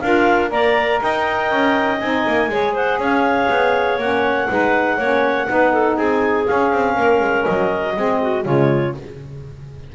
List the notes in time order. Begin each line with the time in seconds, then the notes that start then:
0.00 D4 F4 A#4 F5
0.49 A#3 A#4 D5 A#5
1.01 D#4 D#5 G5
1.51 C#4
2.00 C4 D#4 G#5
2.27 A#3
2.48 G#3 G#4 C#5
2.74 C5 F#5
2.98 C#4 C#5 F5
3.49 B3
3.98 A#3 C#4 F#5
4.49 G#3 D#4 B4
4.97 A#3 C#4 C#5
5.47 B3 D#4 B4
5.72 A4
5.96 C4 G#4 G#5
6.45 C#4 F5
6.72 C4
6.95 A#3 A#4
7.20 G#3
7.44 F#3 D#5
7.95 G#3 C4 G#4
8.21 F#4
8.44 C#3 G#3 F4 C#5